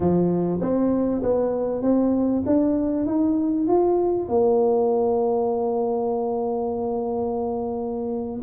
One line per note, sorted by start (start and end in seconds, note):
0.00 0.60 F3
0.60 1.22 C4
1.22 1.81 B3
1.81 2.43 C4
2.46 3.06 D4
3.06 3.67 D#4
3.67 4.28 F4
4.28 8.42 A#3